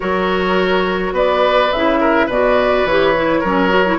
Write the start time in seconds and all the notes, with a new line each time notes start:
0.00 F#3 F#4 A#4 C#5
1.12 B3 B4 D5
1.71 C#3 E4 E5
2.00 A#4
2.26 B2 F#4 B4 D5
2.84 E3 G4 C#5
3.15 E4
3.40 F#3 C#4 A#4
3.69 F#4
3.86 E4